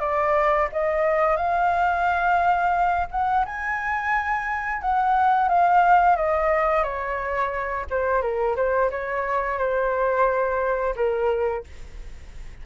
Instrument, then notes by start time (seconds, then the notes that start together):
flute
0.00 D5
0.72 D#5
1.37 F5
3.11 F#5
3.46 G#5
4.82 F#5
5.49 F5
6.16 D#5
6.83 C#5
7.91 C5
8.22 A#4
8.56 C5
8.91 C#5
9.59 C5
10.96 A#4